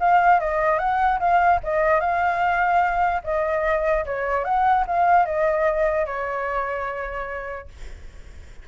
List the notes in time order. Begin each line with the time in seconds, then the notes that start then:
0.00 F5
0.40 D#5
0.79 F#5
1.20 F5
1.63 D#5
2.00 F5
3.24 D#5
4.06 C#5
4.44 F#5
4.87 F5
5.26 D#5
6.06 C#5